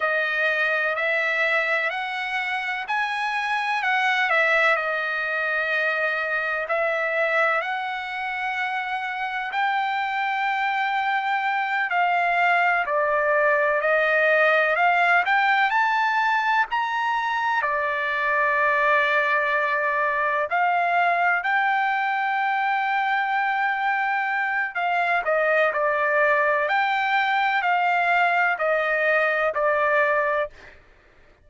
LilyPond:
\new Staff \with { instrumentName = "trumpet" } { \time 4/4 \tempo 4 = 63 dis''4 e''4 fis''4 gis''4 | fis''8 e''8 dis''2 e''4 | fis''2 g''2~ | g''8 f''4 d''4 dis''4 f''8 |
g''8 a''4 ais''4 d''4.~ | d''4. f''4 g''4.~ | g''2 f''8 dis''8 d''4 | g''4 f''4 dis''4 d''4 | }